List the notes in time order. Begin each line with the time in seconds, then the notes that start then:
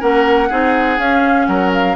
0.00 A#3 C#4 A#4 F#5
0.49 C4 D#4 G#4
0.99 C#4 F5
1.47 F#3 A#4 F#5
1.74 F5